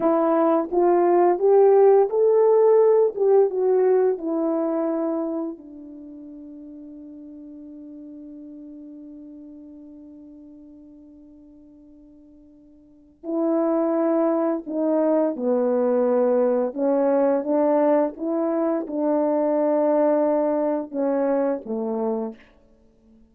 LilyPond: \new Staff \with { instrumentName = "horn" } { \time 4/4 \tempo 4 = 86 e'4 f'4 g'4 a'4~ | a'8 g'8 fis'4 e'2 | d'1~ | d'1~ |
d'2. e'4~ | e'4 dis'4 b2 | cis'4 d'4 e'4 d'4~ | d'2 cis'4 a4 | }